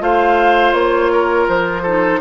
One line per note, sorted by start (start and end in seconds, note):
0.00 0.73 A3
0.00 1.85 F4
0.00 1.12 C5
0.00 0.73 F5
0.73 1.47 A#3
0.73 1.47 C#5
1.12 1.83 A#4
1.49 2.22 F3
1.49 2.22 C5
1.83 2.22 D#4
1.83 2.20 A4